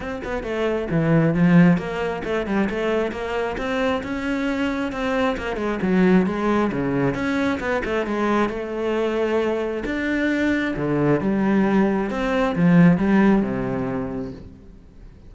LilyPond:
\new Staff \with { instrumentName = "cello" } { \time 4/4 \tempo 4 = 134 c'8 b8 a4 e4 f4 | ais4 a8 g8 a4 ais4 | c'4 cis'2 c'4 | ais8 gis8 fis4 gis4 cis4 |
cis'4 b8 a8 gis4 a4~ | a2 d'2 | d4 g2 c'4 | f4 g4 c2 | }